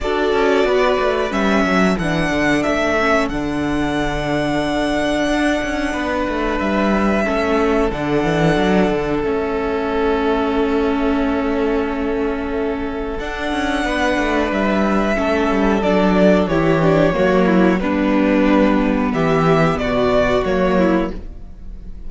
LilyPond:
<<
  \new Staff \with { instrumentName = "violin" } { \time 4/4 \tempo 4 = 91 d''2 e''4 fis''4 | e''4 fis''2.~ | fis''2 e''2 | fis''2 e''2~ |
e''1 | fis''2 e''2 | d''4 cis''2 b'4~ | b'4 e''4 d''4 cis''4 | }
  \new Staff \with { instrumentName = "violin" } { \time 4/4 a'4 b'4. a'4.~ | a'1~ | a'4 b'2 a'4~ | a'1~ |
a'1~ | a'4 b'2 a'4~ | a'4 g'4 fis'8 e'8 d'4~ | d'4 g'4 fis'4. e'8 | }
  \new Staff \with { instrumentName = "viola" } { \time 4/4 fis'2 cis'4 d'4~ | d'8 cis'8 d'2.~ | d'2. cis'4 | d'2 cis'2~ |
cis'1 | d'2. cis'4 | d'4 e'8 d'8 ais4 b4~ | b2. ais4 | }
  \new Staff \with { instrumentName = "cello" } { \time 4/4 d'8 cis'8 b8 a8 g8 fis8 e8 d8 | a4 d2. | d'8 cis'8 b8 a8 g4 a4 | d8 e8 fis8 d8 a2~ |
a1 | d'8 cis'8 b8 a8 g4 a8 g8 | fis4 e4 fis4 g4~ | g4 e4 b,4 fis4 | }
>>